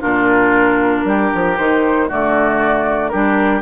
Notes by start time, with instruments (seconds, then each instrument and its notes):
0.00 bassoon A#2, clarinet D4, oboe F4, flute A#4
1.04 bassoon G3, oboe G4
1.34 bassoon F3
1.57 bassoon D#3, clarinet D#4, flute C5
2.08 bassoon D3, clarinet A3, oboe F#4, flute D5
3.08 bassoon G3, clarinet D4, oboe G4, flute A#4